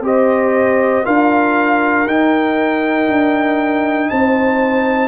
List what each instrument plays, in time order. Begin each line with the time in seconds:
0.00 tuba C4, trombone G4, horn C5, trumpet D#5
1.04 tuba D4, trombone F4, horn A#4, trumpet F5
2.06 tuba D#4, trombone D#4, trumpet G5
3.08 tuba D4
4.09 tuba C4, horn C5, trumpet A5